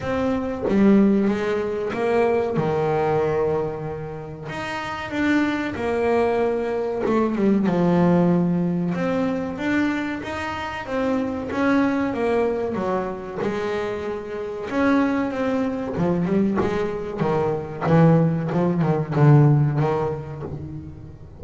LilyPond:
\new Staff \with { instrumentName = "double bass" } { \time 4/4 \tempo 4 = 94 c'4 g4 gis4 ais4 | dis2. dis'4 | d'4 ais2 a8 g8 | f2 c'4 d'4 |
dis'4 c'4 cis'4 ais4 | fis4 gis2 cis'4 | c'4 f8 g8 gis4 dis4 | e4 f8 dis8 d4 dis4 | }